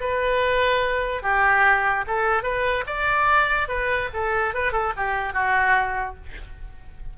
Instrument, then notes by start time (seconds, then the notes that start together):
oboe
0.00 B4
1.23 G4
2.07 A4
2.43 B4
2.87 D5
3.68 B4
4.13 A4
4.54 B4
4.72 A4
4.97 G4
5.33 F#4